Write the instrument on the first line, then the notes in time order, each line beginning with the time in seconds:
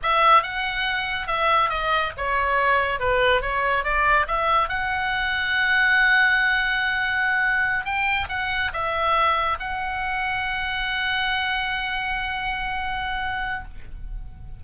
oboe
0.02 E5
0.43 F#5
1.27 E5
1.69 D#5
2.17 C#5
2.99 B4
3.41 C#5
3.83 D5
4.27 E5
4.68 F#5
7.85 G5
8.29 F#5
8.73 E5
9.59 F#5